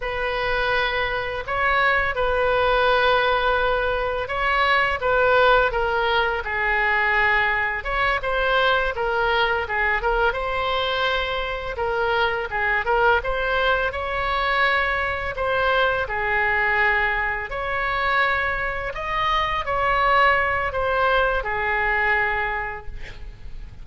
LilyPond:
\new Staff \with { instrumentName = "oboe" } { \time 4/4 \tempo 4 = 84 b'2 cis''4 b'4~ | b'2 cis''4 b'4 | ais'4 gis'2 cis''8 c''8~ | c''8 ais'4 gis'8 ais'8 c''4.~ |
c''8 ais'4 gis'8 ais'8 c''4 cis''8~ | cis''4. c''4 gis'4.~ | gis'8 cis''2 dis''4 cis''8~ | cis''4 c''4 gis'2 | }